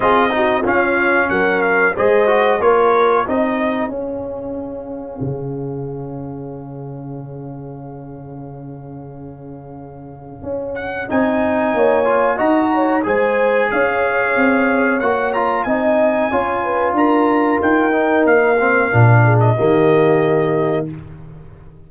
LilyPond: <<
  \new Staff \with { instrumentName = "trumpet" } { \time 4/4 \tempo 4 = 92 dis''4 f''4 fis''8 f''8 dis''4 | cis''4 dis''4 f''2~ | f''1~ | f''1~ |
f''8 fis''8 gis''2 ais''4 | gis''4 f''2 fis''8 ais''8 | gis''2 ais''4 g''4 | f''4.~ f''16 dis''2~ dis''16 | }
  \new Staff \with { instrumentName = "horn" } { \time 4/4 gis'8 fis'8 f'4 ais'4 c''4 | ais'4 gis'2.~ | gis'1~ | gis'1~ |
gis'2 cis''4 dis''8 cis''8 | c''4 cis''2. | dis''4 cis''8 b'8 ais'2~ | ais'4. gis'8 g'2 | }
  \new Staff \with { instrumentName = "trombone" } { \time 4/4 f'8 dis'8 cis'2 gis'8 fis'8 | f'4 dis'4 cis'2~ | cis'1~ | cis'1~ |
cis'4 dis'4. f'8 fis'4 | gis'2. fis'8 f'8 | dis'4 f'2~ f'8 dis'8~ | dis'8 c'8 d'4 ais2 | }
  \new Staff \with { instrumentName = "tuba" } { \time 4/4 c'4 cis'4 fis4 gis4 | ais4 c'4 cis'2 | cis1~ | cis1 |
cis'4 c'4 ais4 dis'4 | gis4 cis'4 c'4 ais4 | c'4 cis'4 d'4 dis'4 | ais4 ais,4 dis2 | }
>>